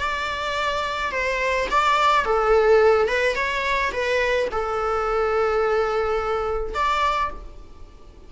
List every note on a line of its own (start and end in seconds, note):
0.00 1.12 D5
1.12 1.68 C5
1.71 2.25 D5
2.25 3.08 A4
3.08 3.36 B4
3.36 3.92 C#5
3.92 4.48 B4
4.51 6.74 A4
6.74 7.30 D5